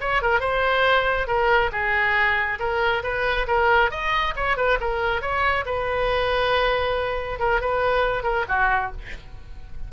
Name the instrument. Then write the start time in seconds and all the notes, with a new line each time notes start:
oboe
0.00 C#5
0.22 A#4
0.40 C5
1.27 A#4
1.72 G#4
2.59 A#4
3.03 B4
3.47 A#4
3.90 D#5
4.36 C#5
4.56 B4
4.80 A#4
5.21 C#5
5.65 B4
7.39 A#4
7.60 B4
8.23 A#4
8.48 F#4